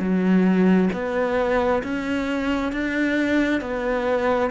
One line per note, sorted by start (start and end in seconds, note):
0.00 0.90 F#3
0.93 1.83 B3
1.83 2.72 C#4
2.72 3.61 D4
3.61 4.51 B3